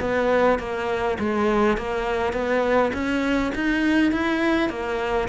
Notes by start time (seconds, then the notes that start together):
0.00 B3
0.59 A#3
1.18 G#3
1.77 A#3
2.33 B3
2.93 C#4
3.55 D#4
4.12 E4
4.69 A#3